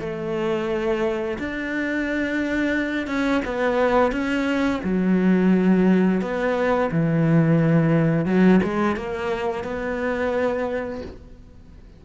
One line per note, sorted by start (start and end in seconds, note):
0.00 1.38 A3
1.39 3.07 D4
3.07 3.42 C#4
3.45 4.12 B3
4.12 4.81 C#4
4.84 6.22 F#3
6.22 6.91 B3
6.92 8.26 E3
8.26 8.61 F#3
8.64 8.97 G#3
8.97 9.64 A#3
9.64 11.02 B3